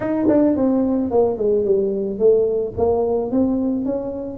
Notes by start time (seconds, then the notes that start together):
0.00 D#4
0.28 D4
0.56 C4
1.10 A#3
1.37 G#3
1.64 G3
2.18 A3
2.77 A#3
3.31 C4
3.85 C#4